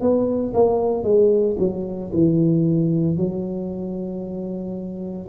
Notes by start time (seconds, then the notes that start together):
0.00 B3
0.54 A#3
1.03 G#3
1.58 F#3
2.12 E3
3.17 F#3